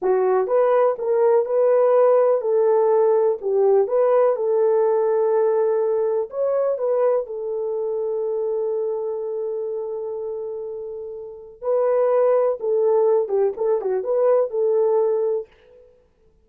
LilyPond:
\new Staff \with { instrumentName = "horn" } { \time 4/4 \tempo 4 = 124 fis'4 b'4 ais'4 b'4~ | b'4 a'2 g'4 | b'4 a'2.~ | a'4 cis''4 b'4 a'4~ |
a'1~ | a'1 | b'2 a'4. g'8 | a'8 fis'8 b'4 a'2 | }